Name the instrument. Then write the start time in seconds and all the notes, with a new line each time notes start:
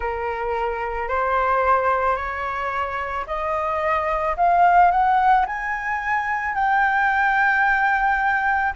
flute
0.00 A#4
1.08 C5
2.16 C#5
3.26 D#5
4.36 F5
4.91 F#5
5.46 G#5
6.55 G5